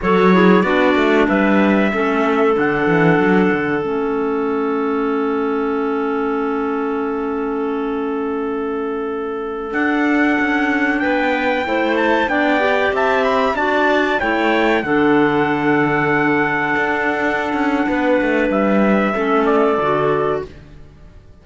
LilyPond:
<<
  \new Staff \with { instrumentName = "trumpet" } { \time 4/4 \tempo 4 = 94 cis''4 d''4 e''2 | fis''2 e''2~ | e''1~ | e''2.~ e''16 fis''8.~ |
fis''4~ fis''16 g''4. a''8 g''8.~ | g''16 a''8 b''8 a''4 g''4 fis''8.~ | fis''1~ | fis''4 e''4. d''4. | }
  \new Staff \with { instrumentName = "clarinet" } { \time 4/4 a'8 gis'8 fis'4 b'4 a'4~ | a'1~ | a'1~ | a'1~ |
a'4~ a'16 b'4 c''4 d''8.~ | d''16 e''4 d''4 cis''4 a'8.~ | a'1 | b'2 a'2 | }
  \new Staff \with { instrumentName = "clarinet" } { \time 4/4 fis'8 e'8 d'2 cis'4 | d'2 cis'2~ | cis'1~ | cis'2.~ cis'16 d'8.~ |
d'2~ d'16 e'4 d'8 g'16~ | g'4~ g'16 fis'4 e'4 d'8.~ | d'1~ | d'2 cis'4 fis'4 | }
  \new Staff \with { instrumentName = "cello" } { \time 4/4 fis4 b8 a8 g4 a4 | d8 e8 fis8 d8 a2~ | a1~ | a2.~ a16 d'8.~ |
d'16 cis'4 b4 a4 b8.~ | b16 c'4 d'4 a4 d8.~ | d2~ d16 d'4~ d'16 cis'8 | b8 a8 g4 a4 d4 | }
>>